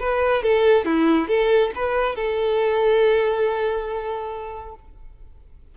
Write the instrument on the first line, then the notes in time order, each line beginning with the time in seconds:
violin
0.00 B4
0.43 A4
0.86 E4
1.28 A4
1.75 B4
2.16 A4